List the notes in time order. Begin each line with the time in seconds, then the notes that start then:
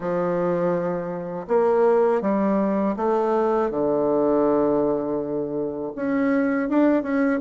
0.00 F3
1.47 A#3
2.21 G3
2.96 A3
3.70 D3
5.95 C#4
6.69 D4
7.02 C#4